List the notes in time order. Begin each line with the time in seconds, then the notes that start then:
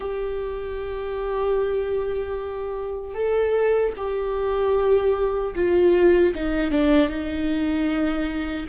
0.00 G4
3.14 A4
3.96 G4
5.55 F4
6.34 D#4
6.70 D4
7.08 D#4